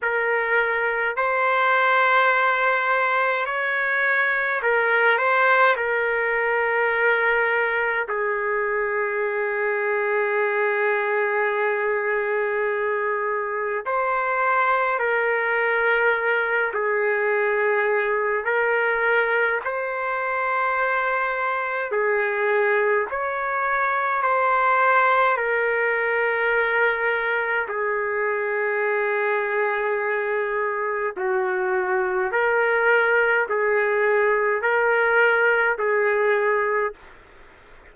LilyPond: \new Staff \with { instrumentName = "trumpet" } { \time 4/4 \tempo 4 = 52 ais'4 c''2 cis''4 | ais'8 c''8 ais'2 gis'4~ | gis'1 | c''4 ais'4. gis'4. |
ais'4 c''2 gis'4 | cis''4 c''4 ais'2 | gis'2. fis'4 | ais'4 gis'4 ais'4 gis'4 | }